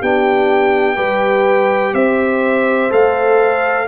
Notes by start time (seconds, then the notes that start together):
0.00 B3 D4 G4 G5
0.95 G3 G4 B4
1.94 C4 C5 E5
2.90 A3 A4 F5